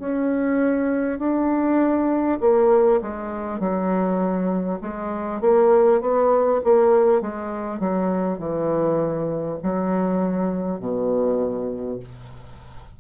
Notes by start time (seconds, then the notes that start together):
0.00 C#4
1.19 D4
2.41 A#3
3.02 G#3
3.59 F#3
4.82 G#3
5.41 A#3
6.01 B3
6.64 A#3
7.21 G#3
7.79 F#3
8.38 E3
9.63 F#3
10.80 B2